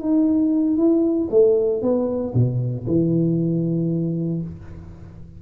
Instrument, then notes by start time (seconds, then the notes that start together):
tuba
0.00 D#4
0.77 E4
1.31 A3
1.82 B3
2.34 B2
2.87 E3